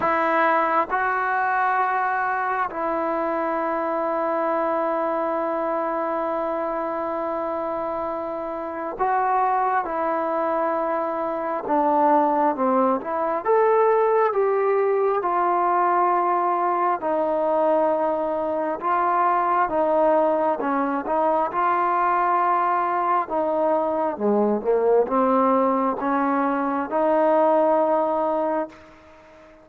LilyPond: \new Staff \with { instrumentName = "trombone" } { \time 4/4 \tempo 4 = 67 e'4 fis'2 e'4~ | e'1~ | e'2 fis'4 e'4~ | e'4 d'4 c'8 e'8 a'4 |
g'4 f'2 dis'4~ | dis'4 f'4 dis'4 cis'8 dis'8 | f'2 dis'4 gis8 ais8 | c'4 cis'4 dis'2 | }